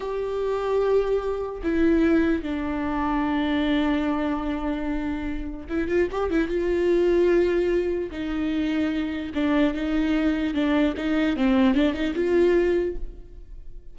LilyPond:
\new Staff \with { instrumentName = "viola" } { \time 4/4 \tempo 4 = 148 g'1 | e'2 d'2~ | d'1~ | d'2 e'8 f'8 g'8 e'8 |
f'1 | dis'2. d'4 | dis'2 d'4 dis'4 | c'4 d'8 dis'8 f'2 | }